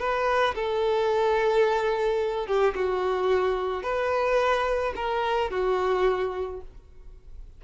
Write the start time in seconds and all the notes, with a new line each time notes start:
0.00 B4
0.56 A4
2.47 G4
2.75 F#4
3.84 B4
4.96 A#4
5.51 F#4